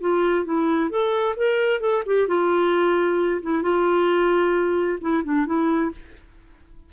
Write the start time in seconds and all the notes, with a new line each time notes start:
0.00 F4
0.44 E4
0.89 A4
1.36 A#4
1.80 A4
2.05 G4
2.27 F4
3.42 E4
3.62 F4
5.00 E4
5.24 D4
5.45 E4